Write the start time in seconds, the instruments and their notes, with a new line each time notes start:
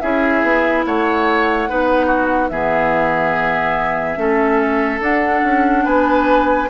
0.00 bassoon C#4, clarinet E4, oboe G#4, flute E5
0.43 bassoon B3
0.86 bassoon A3, oboe C#5, flute F#5
1.69 bassoon B3, clarinet D#4, oboe B4
2.06 oboe F#4
2.49 bassoon E3, clarinet B3, oboe G#4, flute E5
4.17 bassoon A3, clarinet C#4, oboe A4
5.00 bassoon D4, clarinet D4, flute F#5
5.44 bassoon C#4
5.85 bassoon B3, oboe B4, flute G#5